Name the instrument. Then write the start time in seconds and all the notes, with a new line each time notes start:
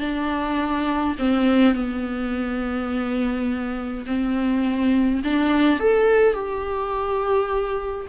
viola
0.00 D4
1.19 C4
1.75 B3
4.06 C4
5.24 D4
5.80 A4
6.34 G4